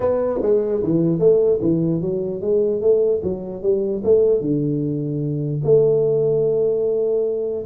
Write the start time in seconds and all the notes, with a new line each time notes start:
0.00 B3
0.42 G#3
0.83 E3
1.19 A3
1.61 E3
2.01 F#3
2.41 G#3
2.81 A3
3.23 F#3
3.62 G3
4.04 A3
4.41 D3
5.63 A3